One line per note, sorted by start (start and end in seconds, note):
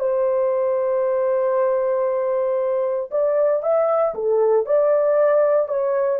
0.00 3.10 C5
3.11 3.63 D5
3.63 4.14 E5
4.14 4.66 A4
4.66 5.68 D5
5.68 6.19 C#5